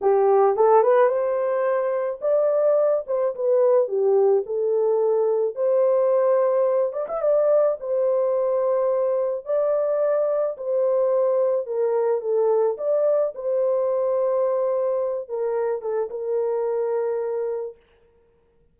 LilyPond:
\new Staff \with { instrumentName = "horn" } { \time 4/4 \tempo 4 = 108 g'4 a'8 b'8 c''2 | d''4. c''8 b'4 g'4 | a'2 c''2~ | c''8 d''16 e''16 d''4 c''2~ |
c''4 d''2 c''4~ | c''4 ais'4 a'4 d''4 | c''2.~ c''8 ais'8~ | ais'8 a'8 ais'2. | }